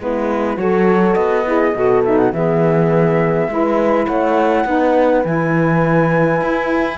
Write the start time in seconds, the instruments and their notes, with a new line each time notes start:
0.00 cello G#3, saxophone B3, horn E4, flute B4
0.56 cello F#3, saxophone F#4, horn A4, flute C#5
1.15 cello B3, flute D#5
1.45 saxophone E4, horn G#4
1.75 cello B2, saxophone F#4, horn A4
2.05 saxophone D#4, flute E5
2.18 flute F#5
2.33 cello E3, saxophone B3, horn G#4, flute E5
3.48 cello G#3, saxophone E4, horn B4
4.07 cello A3, horn C#5, flute F#5
4.65 cello B3, saxophone D#4, horn B4
5.25 cello E3, saxophone E4, flute G#5
6.42 cello E4